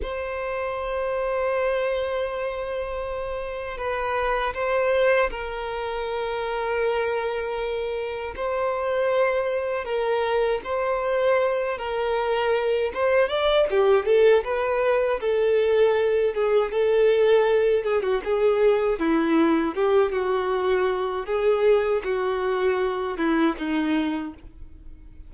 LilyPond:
\new Staff \with { instrumentName = "violin" } { \time 4/4 \tempo 4 = 79 c''1~ | c''4 b'4 c''4 ais'4~ | ais'2. c''4~ | c''4 ais'4 c''4. ais'8~ |
ais'4 c''8 d''8 g'8 a'8 b'4 | a'4. gis'8 a'4. gis'16 fis'16 | gis'4 e'4 g'8 fis'4. | gis'4 fis'4. e'8 dis'4 | }